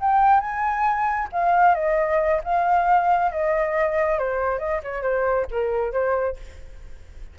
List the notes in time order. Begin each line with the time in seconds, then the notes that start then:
0.00 G5
0.40 G#5
1.32 F5
1.75 D#5
2.44 F5
3.32 D#5
4.19 C5
4.59 D#5
4.83 C#5
5.03 C5
5.51 A#4
5.93 C5